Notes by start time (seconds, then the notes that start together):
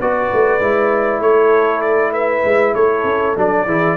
0.00 B3 F#4 B4 D5
0.33 A3
0.60 G#3 E4
1.20 A3 A4 C#5
1.82 D5
2.13 B4 E5
2.45 G#3
2.74 A3 A4 C#5
3.04 C#4
3.36 F#3 D4 D5
3.66 E3 E4 G#4